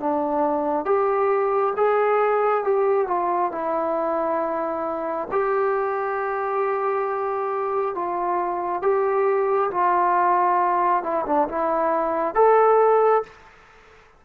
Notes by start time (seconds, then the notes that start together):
0.00 D4
0.85 G4
1.76 G#4
2.64 G4
3.07 F4
3.52 E4
5.31 G4
7.95 F4
8.82 G4
9.71 F4
11.03 E4
11.26 D4
11.48 E4
12.35 A4